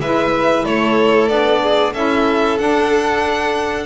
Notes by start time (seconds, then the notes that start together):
0.00 G#3 E4 B4 E5
0.65 A3 A4 C#5
1.29 B3 D4 D5
1.63 G#4
1.94 C#4 E4 A4 E5
2.58 D4 F#5